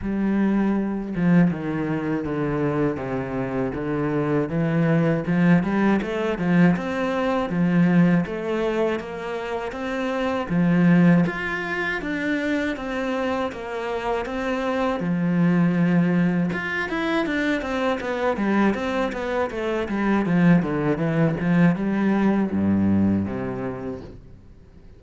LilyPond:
\new Staff \with { instrumentName = "cello" } { \time 4/4 \tempo 4 = 80 g4. f8 dis4 d4 | c4 d4 e4 f8 g8 | a8 f8 c'4 f4 a4 | ais4 c'4 f4 f'4 |
d'4 c'4 ais4 c'4 | f2 f'8 e'8 d'8 c'8 | b8 g8 c'8 b8 a8 g8 f8 d8 | e8 f8 g4 g,4 c4 | }